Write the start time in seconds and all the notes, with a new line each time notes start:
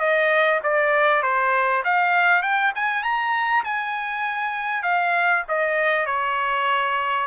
0.00 D#5
0.64 D5
1.23 C5
1.85 F5
2.42 G5
2.76 G#5
3.03 A#5
3.65 G#5
4.83 F5
5.48 D#5
6.06 C#5